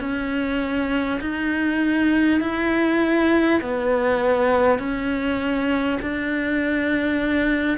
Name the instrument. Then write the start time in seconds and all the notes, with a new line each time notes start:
cello
0.00 C#4
1.21 D#4
2.41 E4
3.61 B3
4.78 C#4
6.02 D4